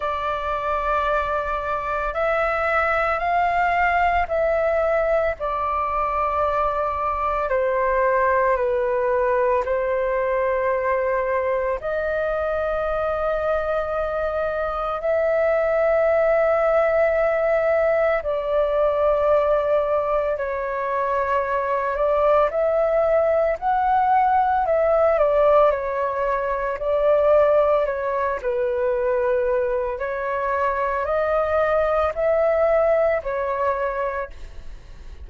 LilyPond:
\new Staff \with { instrumentName = "flute" } { \time 4/4 \tempo 4 = 56 d''2 e''4 f''4 | e''4 d''2 c''4 | b'4 c''2 dis''4~ | dis''2 e''2~ |
e''4 d''2 cis''4~ | cis''8 d''8 e''4 fis''4 e''8 d''8 | cis''4 d''4 cis''8 b'4. | cis''4 dis''4 e''4 cis''4 | }